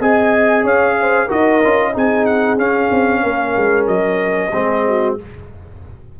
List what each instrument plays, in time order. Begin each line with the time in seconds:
0.00 tuba C4, trombone G#4, horn D#5, trumpet G#5
0.64 tuba C#4, horn C#5, trumpet F5
1.01 horn C5
1.26 tuba D#4, trombone F#4, horn A#4, trumpet D#5
1.64 tuba C#4, trombone F4
1.93 tuba C4, trombone D#4, horn G#4, trumpet G#5
2.26 trumpet F#5
2.58 tuba C#4, trombone C#4, trumpet F5
2.91 tuba C4
3.23 tuba A#3, horn A#4
3.57 tuba G#3
3.87 tuba F#3, trumpet D#5
4.51 tuba G#3, trombone C4, horn G#4
4.88 horn F#4